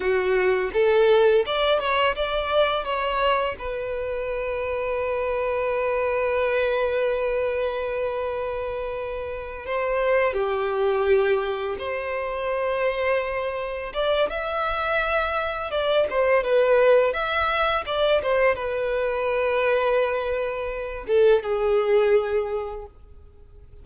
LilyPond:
\new Staff \with { instrumentName = "violin" } { \time 4/4 \tempo 4 = 84 fis'4 a'4 d''8 cis''8 d''4 | cis''4 b'2.~ | b'1~ | b'4. c''4 g'4.~ |
g'8 c''2. d''8 | e''2 d''8 c''8 b'4 | e''4 d''8 c''8 b'2~ | b'4. a'8 gis'2 | }